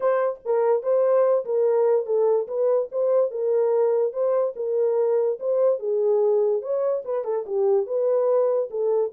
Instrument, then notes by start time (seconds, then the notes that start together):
horn
0.00 C5
0.45 A#4
0.82 C5
1.45 A#4
2.05 A4
2.47 B4
2.91 C5
3.30 A#4
4.12 C5
4.56 A#4
5.39 C5
5.79 G#4
6.62 C#5
7.04 B4
7.24 A4
7.46 G4
7.86 B4
8.70 A4